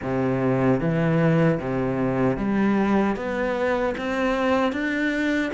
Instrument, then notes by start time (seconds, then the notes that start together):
cello
0.02 C3
0.80 E3
1.59 C3
2.37 G3
3.16 B3
3.97 C4
4.72 D4